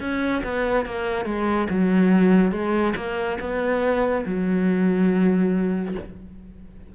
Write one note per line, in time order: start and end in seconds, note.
0.00 0.42 C#4
0.43 0.85 B3
0.85 1.25 A#3
1.25 1.67 G#3
1.70 2.52 F#3
2.52 2.94 G#3
2.96 3.38 A#3
3.40 4.24 B3
4.26 5.95 F#3